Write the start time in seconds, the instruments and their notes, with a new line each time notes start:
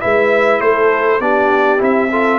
0.00 tuba G#3, trombone E4, horn B4, trumpet E5
0.60 tuba A3, horn A4, trumpet C5
1.20 tuba B3, trombone D4, horn G4, trumpet D5
1.78 tuba C4, trombone E4, trumpet E5
2.10 trombone F4, horn A4